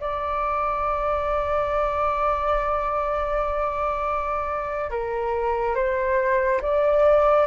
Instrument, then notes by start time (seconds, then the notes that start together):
flute
0.00 D5
4.91 A#4
5.75 C5
6.61 D5